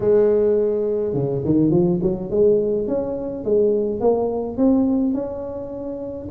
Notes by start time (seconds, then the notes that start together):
0.00 G#3
1.13 C#3
1.44 D#3
1.70 F3
2.02 F#3
2.30 G#3
2.87 C#4
3.44 G#3
4.00 A#3
4.57 C4
5.14 C#4